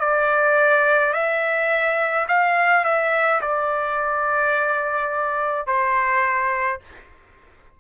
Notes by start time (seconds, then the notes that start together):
0.00 D5
1.13 E5
2.28 F5
2.85 E5
3.42 D5
5.67 C5